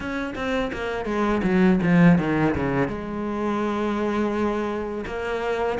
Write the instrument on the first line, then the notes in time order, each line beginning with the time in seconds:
cello
0.00 C#4
0.35 C4
0.72 A#3
1.05 G#3
1.43 F#3
1.82 F3
2.18 D#3
2.55 C#3
2.88 G#3
5.06 A#3